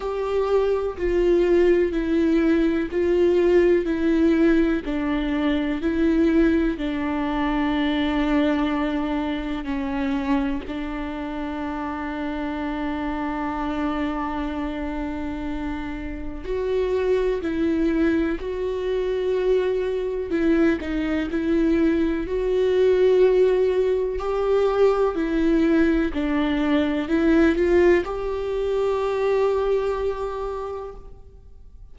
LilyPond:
\new Staff \with { instrumentName = "viola" } { \time 4/4 \tempo 4 = 62 g'4 f'4 e'4 f'4 | e'4 d'4 e'4 d'4~ | d'2 cis'4 d'4~ | d'1~ |
d'4 fis'4 e'4 fis'4~ | fis'4 e'8 dis'8 e'4 fis'4~ | fis'4 g'4 e'4 d'4 | e'8 f'8 g'2. | }